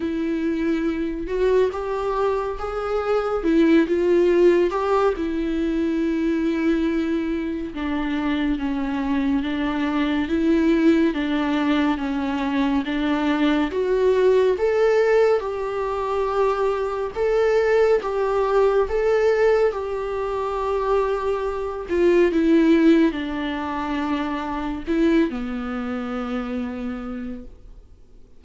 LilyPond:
\new Staff \with { instrumentName = "viola" } { \time 4/4 \tempo 4 = 70 e'4. fis'8 g'4 gis'4 | e'8 f'4 g'8 e'2~ | e'4 d'4 cis'4 d'4 | e'4 d'4 cis'4 d'4 |
fis'4 a'4 g'2 | a'4 g'4 a'4 g'4~ | g'4. f'8 e'4 d'4~ | d'4 e'8 b2~ b8 | }